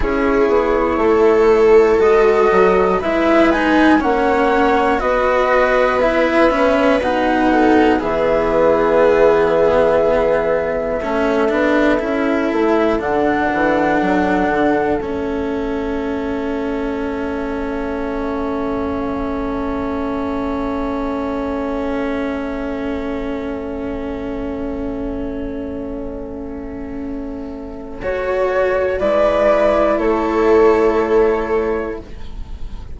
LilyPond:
<<
  \new Staff \with { instrumentName = "flute" } { \time 4/4 \tempo 4 = 60 cis''2 dis''4 e''8 gis''8 | fis''4 dis''4 e''4 fis''4 | e''1~ | e''4 fis''2 e''4~ |
e''1~ | e''1~ | e''1 | cis''4 d''4 cis''2 | }
  \new Staff \with { instrumentName = "viola" } { \time 4/4 gis'4 a'2 b'4 | cis''4 b'2~ b'8 a'8 | gis'2. a'4~ | a'1~ |
a'1~ | a'1~ | a'1~ | a'4 b'4 a'2 | }
  \new Staff \with { instrumentName = "cello" } { \time 4/4 e'2 fis'4 e'8 dis'8 | cis'4 fis'4 e'8 cis'8 dis'4 | b2. cis'8 d'8 | e'4 d'2 cis'4~ |
cis'1~ | cis'1~ | cis'1 | fis'4 e'2. | }
  \new Staff \with { instrumentName = "bassoon" } { \time 4/4 cis'8 b8 a4 gis8 fis8 gis4 | ais4 b2 b,4 | e2. a8 b8 | cis'8 a8 d8 e8 fis8 d8 a4~ |
a1~ | a1~ | a1~ | a4 gis4 a2 | }
>>